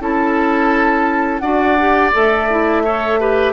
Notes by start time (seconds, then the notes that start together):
0.00 C#4 E4 A4 A5
1.39 D4 F#4 D5 F#5
1.80 G4
2.13 A3 A4 E5
2.50 E4
2.84 A4 C#5
3.20 G4 B4